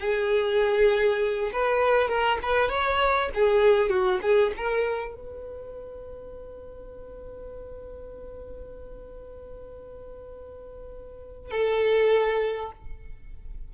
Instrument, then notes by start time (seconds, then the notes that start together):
violin
0.00 G#4
1.53 B4
2.08 A#4
2.42 B4
2.69 C#5
3.34 G#4
3.90 F#4
4.22 G#4
4.57 A#4
5.15 B4
11.51 A4